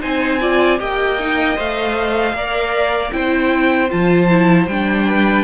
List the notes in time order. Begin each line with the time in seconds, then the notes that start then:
0.00 C4 D#4 C5 G#5
0.41 F4 D5
0.78 A#3 G4 D#5 G5
1.19 D#4
1.55 A3 C5 F5
2.33 A#3 A#4 D5
3.11 C4 E4 C5 G5
3.89 F3 F4 A5
4.29 E4
4.67 G3 D4 G5
5.08 B4